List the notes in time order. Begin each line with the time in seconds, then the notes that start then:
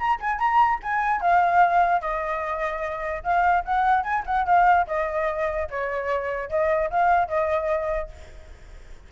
0.00 A#5
0.21 G#5
0.40 A#5
0.83 G#5
1.22 F5
2.02 D#5
3.24 F5
3.66 F#5
4.04 G#5
4.26 F#5
4.46 F5
4.87 D#5
5.71 C#5
6.50 D#5
6.91 F5
7.28 D#5